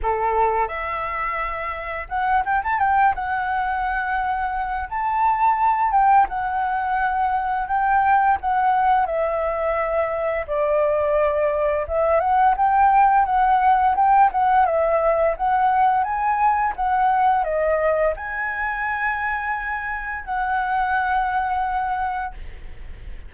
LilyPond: \new Staff \with { instrumentName = "flute" } { \time 4/4 \tempo 4 = 86 a'4 e''2 fis''8 g''16 a''16 | g''8 fis''2~ fis''8 a''4~ | a''8 g''8 fis''2 g''4 | fis''4 e''2 d''4~ |
d''4 e''8 fis''8 g''4 fis''4 | g''8 fis''8 e''4 fis''4 gis''4 | fis''4 dis''4 gis''2~ | gis''4 fis''2. | }